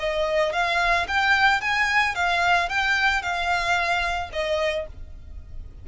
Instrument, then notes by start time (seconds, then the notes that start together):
violin
0.00 D#5
0.53 F5
1.08 G5
1.61 G#5
2.15 F5
2.69 G5
3.23 F5
4.33 D#5